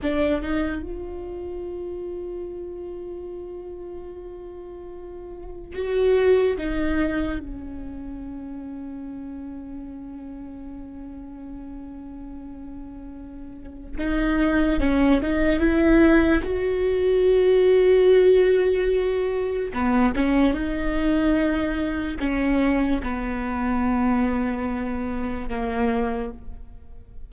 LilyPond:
\new Staff \with { instrumentName = "viola" } { \time 4/4 \tempo 4 = 73 d'8 dis'8 f'2.~ | f'2. fis'4 | dis'4 cis'2.~ | cis'1~ |
cis'4 dis'4 cis'8 dis'8 e'4 | fis'1 | b8 cis'8 dis'2 cis'4 | b2. ais4 | }